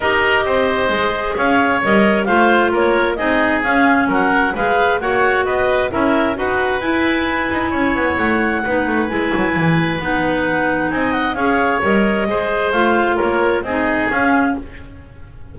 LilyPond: <<
  \new Staff \with { instrumentName = "clarinet" } { \time 4/4 \tempo 4 = 132 dis''2. f''4 | dis''4 f''4 cis''4 dis''4 | f''4 fis''4 f''4 fis''4 | dis''4 e''4 fis''4 gis''4~ |
gis''2 fis''2 | gis''2 fis''2 | gis''8 fis''8 f''4 dis''2 | f''4 cis''4 dis''4 f''4 | }
  \new Staff \with { instrumentName = "oboe" } { \time 4/4 ais'4 c''2 cis''4~ | cis''4 c''4 ais'4 gis'4~ | gis'4 ais'4 b'4 cis''4 | b'4 ais'4 b'2~ |
b'4 cis''2 b'4~ | b'1 | dis''4 cis''2 c''4~ | c''4 ais'4 gis'2 | }
  \new Staff \with { instrumentName = "clarinet" } { \time 4/4 g'2 gis'2 | ais'4 f'2 dis'4 | cis'2 gis'4 fis'4~ | fis'4 e'4 fis'4 e'4~ |
e'2. dis'4 | e'2 dis'2~ | dis'4 gis'4 ais'4 gis'4 | f'2 dis'4 cis'4 | }
  \new Staff \with { instrumentName = "double bass" } { \time 4/4 dis'4 c'4 gis4 cis'4 | g4 a4 ais4 c'4 | cis'4 fis4 gis4 ais4 | b4 cis'4 dis'4 e'4~ |
e'8 dis'8 cis'8 b8 a4 b8 a8 | gis8 fis8 e4 b2 | c'4 cis'4 g4 gis4 | a4 ais4 c'4 cis'4 | }
>>